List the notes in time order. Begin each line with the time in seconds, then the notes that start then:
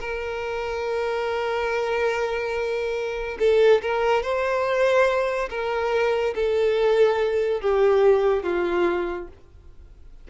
0.00 A#4
3.39 A4
3.82 A#4
4.23 C5
5.50 A#4
6.35 A4
7.61 G4
8.44 F4